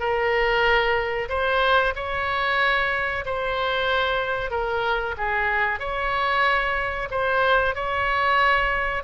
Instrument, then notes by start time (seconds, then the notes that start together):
oboe
0.00 A#4
1.30 C5
1.96 C#5
3.26 C5
4.51 A#4
5.18 G#4
5.80 C#5
7.11 C5
7.75 C#5